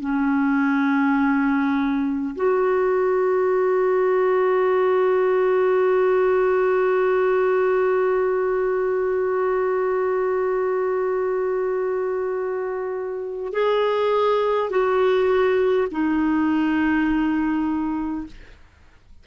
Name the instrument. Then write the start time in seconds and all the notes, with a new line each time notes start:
clarinet
0.00 C#4
2.36 F#4
13.53 G#4
14.70 F#4
15.91 D#4